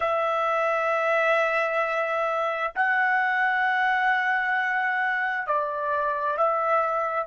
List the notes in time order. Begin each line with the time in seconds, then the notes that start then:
0.00 E5
2.75 F#5
5.46 D5
6.37 E5